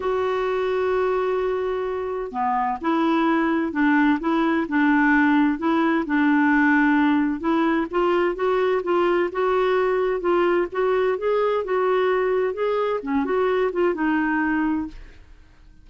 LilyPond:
\new Staff \with { instrumentName = "clarinet" } { \time 4/4 \tempo 4 = 129 fis'1~ | fis'4 b4 e'2 | d'4 e'4 d'2 | e'4 d'2. |
e'4 f'4 fis'4 f'4 | fis'2 f'4 fis'4 | gis'4 fis'2 gis'4 | cis'8 fis'4 f'8 dis'2 | }